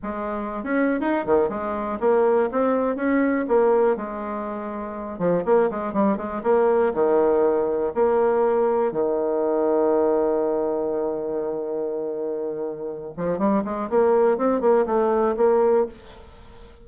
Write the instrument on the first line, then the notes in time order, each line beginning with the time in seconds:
bassoon
0.02 G#3
0.63 C#4
1.00 D#4
1.25 D#3
1.49 G#3
1.99 A#3
2.51 C4
2.96 C#4
3.48 A#3
3.96 G#3
5.18 F3
5.45 A#3
5.70 G#3
5.93 G3
6.17 G#3
6.43 A#3
6.94 D#3
7.94 A#3
8.92 D#3
13.17 F3
13.38 G3
13.64 G#3
13.89 A#3
14.37 C4
14.61 A#3
14.86 A3
15.37 A#3